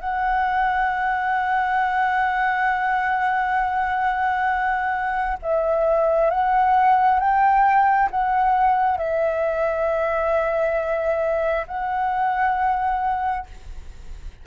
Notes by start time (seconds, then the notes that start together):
0.00 F#5
5.43 E5
6.31 F#5
7.20 G5
8.11 F#5
8.98 E5
11.67 F#5